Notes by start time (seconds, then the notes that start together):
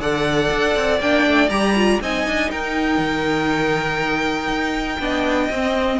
0.00 D3 A4 D5 F#5
0.51 D4
0.76 C4
1.00 A#3 D4 G5
1.26 A3
1.50 G3 G4 A#5
1.76 F4
2.02 C4 D#4 D#5 G#5
2.26 D4
2.51 D#4 A#4 G5
2.98 D#3
4.48 D#4
5.00 B3 D4 D#5
5.50 C4